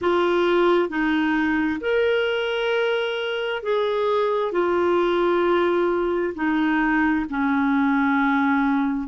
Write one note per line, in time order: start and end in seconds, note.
0.01 0.89 F4
0.89 1.80 D#4
1.81 3.62 A#4
3.62 4.52 G#4
4.52 6.33 F4
6.34 7.25 D#4
7.29 9.08 C#4